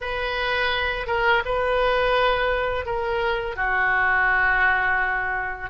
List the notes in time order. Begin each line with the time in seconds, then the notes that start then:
0.00 B4
1.06 A#4
1.44 B4
2.85 A#4
3.56 F#4